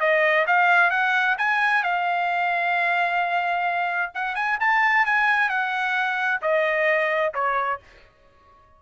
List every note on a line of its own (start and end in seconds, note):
0.00 0.46 D#5
0.47 0.90 F5
0.90 1.36 F#5
1.38 1.83 G#5
1.83 4.12 F5
4.14 4.35 F#5
4.35 4.58 G#5
4.60 5.05 A5
5.05 5.49 G#5
5.49 6.41 F#5
6.42 7.33 D#5
7.34 7.80 C#5